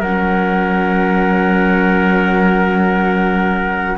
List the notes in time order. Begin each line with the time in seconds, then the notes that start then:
0.00 F#3 C#4 A#4 F#5